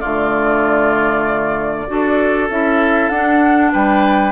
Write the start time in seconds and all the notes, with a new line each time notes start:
0.00 D3 A3 F4 D5
1.87 D4 F#4 A4
2.49 C#4 E4 E5
3.09 D4 F#5
3.72 G3 B4 G5